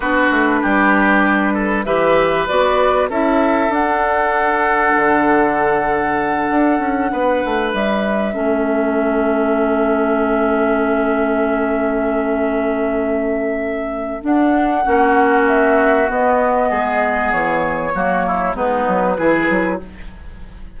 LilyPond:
<<
  \new Staff \with { instrumentName = "flute" } { \time 4/4 \tempo 4 = 97 b'2. e''4 | d''4 e''4 fis''2~ | fis''1~ | fis''8 e''2.~ e''8~ |
e''1~ | e''2. fis''4~ | fis''4 e''4 dis''2 | cis''2 b'2 | }
  \new Staff \with { instrumentName = "oboe" } { \time 4/4 fis'4 g'4. a'8 b'4~ | b'4 a'2.~ | a'2.~ a'8 b'8~ | b'4. a'2~ a'8~ |
a'1~ | a'1 | fis'2. gis'4~ | gis'4 fis'8 e'8 dis'4 gis'4 | }
  \new Staff \with { instrumentName = "clarinet" } { \time 4/4 d'2. g'4 | fis'4 e'4 d'2~ | d'1~ | d'4. cis'2~ cis'8~ |
cis'1~ | cis'2. d'4 | cis'2 b2~ | b4 ais4 b4 e'4 | }
  \new Staff \with { instrumentName = "bassoon" } { \time 4/4 b8 a8 g2 e4 | b4 cis'4 d'2 | d2~ d8 d'8 cis'8 b8 | a8 g4 a2~ a8~ |
a1~ | a2. d'4 | ais2 b4 gis4 | e4 fis4 gis8 fis8 e8 fis8 | }
>>